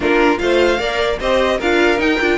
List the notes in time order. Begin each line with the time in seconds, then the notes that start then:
0.00 A#3 D4 F4 A#4
0.38 A3 F4 C5 F5
0.77 A#3 A#4 D5
1.20 C4 G4 C5 D#5
1.58 D4 F4 A#4 F5
1.97 D#4 G5
2.20 D4 F4